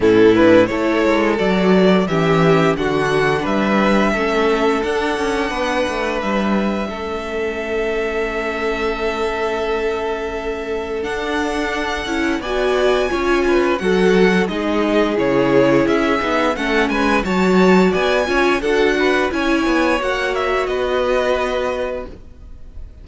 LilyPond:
<<
  \new Staff \with { instrumentName = "violin" } { \time 4/4 \tempo 4 = 87 a'8 b'8 cis''4 d''4 e''4 | fis''4 e''2 fis''4~ | fis''4 e''2.~ | e''1 |
fis''2 gis''2 | fis''4 dis''4 cis''4 e''4 | fis''8 gis''8 a''4 gis''4 fis''4 | gis''4 fis''8 e''8 dis''2 | }
  \new Staff \with { instrumentName = "violin" } { \time 4/4 e'4 a'2 g'4 | fis'4 b'4 a'2 | b'2 a'2~ | a'1~ |
a'2 d''4 cis''8 b'8 | a'4 gis'2. | a'8 b'8 cis''4 d''8 cis''8 a'8 b'8 | cis''2 b'2 | }
  \new Staff \with { instrumentName = "viola" } { \time 4/4 cis'8 d'8 e'4 fis'4 cis'4 | d'2 cis'4 d'4~ | d'2 cis'2~ | cis'1 |
d'4. e'8 fis'4 f'4 | fis'4 dis'4 e'4. dis'8 | cis'4 fis'4. f'8 fis'4 | e'4 fis'2. | }
  \new Staff \with { instrumentName = "cello" } { \time 4/4 a,4 a8 gis8 fis4 e4 | d4 g4 a4 d'8 cis'8 | b8 a8 g4 a2~ | a1 |
d'4. cis'8 b4 cis'4 | fis4 gis4 cis4 cis'8 b8 | a8 gis8 fis4 b8 cis'8 d'4 | cis'8 b8 ais4 b2 | }
>>